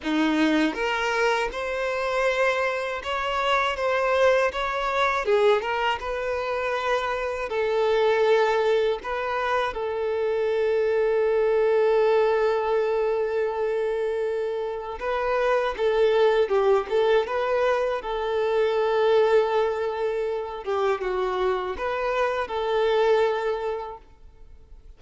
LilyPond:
\new Staff \with { instrumentName = "violin" } { \time 4/4 \tempo 4 = 80 dis'4 ais'4 c''2 | cis''4 c''4 cis''4 gis'8 ais'8 | b'2 a'2 | b'4 a'2.~ |
a'1 | b'4 a'4 g'8 a'8 b'4 | a'2.~ a'8 g'8 | fis'4 b'4 a'2 | }